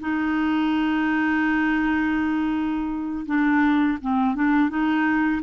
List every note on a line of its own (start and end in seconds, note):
0.00 3.25 D#4
3.26 3.98 D4
4.01 4.35 C4
4.35 4.69 D4
4.69 5.42 D#4